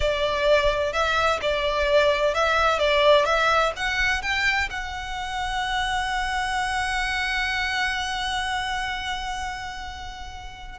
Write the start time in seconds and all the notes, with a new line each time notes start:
0.00 D5
0.92 E5
1.41 D5
2.34 E5
2.78 D5
3.25 E5
3.76 F#5
4.22 G5
4.70 F#5